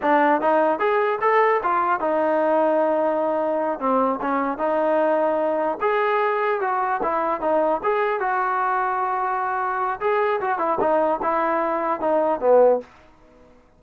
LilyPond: \new Staff \with { instrumentName = "trombone" } { \time 4/4 \tempo 4 = 150 d'4 dis'4 gis'4 a'4 | f'4 dis'2.~ | dis'4. c'4 cis'4 dis'8~ | dis'2~ dis'8 gis'4.~ |
gis'8 fis'4 e'4 dis'4 gis'8~ | gis'8 fis'2.~ fis'8~ | fis'4 gis'4 fis'8 e'8 dis'4 | e'2 dis'4 b4 | }